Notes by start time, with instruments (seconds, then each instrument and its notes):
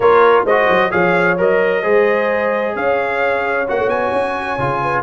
0.00 tuba A#3, trombone F4, horn A#4, trumpet C#5
0.44 tuba G#3, trombone F#4, horn C5, trumpet D#5
0.69 tuba F#3
0.90 tuba F3, trombone G#4, horn C#5, trumpet F5
1.38 tuba F#3, trombone A#4, trumpet D#5
1.82 tuba G#3, trombone G#4, horn C5
2.75 tuba C#4, horn C#5, trumpet F5
3.67 tuba A#3, trombone F#4, trumpet F#5
3.78 tuba A3
3.87 tuba B3, trumpet G#5
4.12 tuba C#4
4.58 tuba C#3, trombone F4
4.81 horn B4